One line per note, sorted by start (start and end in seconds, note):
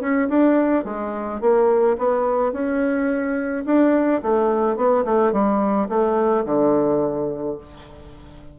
0.00 0.28 C#4
0.29 0.84 D4
0.84 1.40 G#3
1.40 1.97 A#3
1.98 2.52 B3
2.52 3.64 C#4
3.66 4.22 D4
4.22 4.76 A3
4.76 5.04 B3
5.04 5.32 A3
5.32 5.88 G3
5.89 6.45 A3
6.45 7.57 D3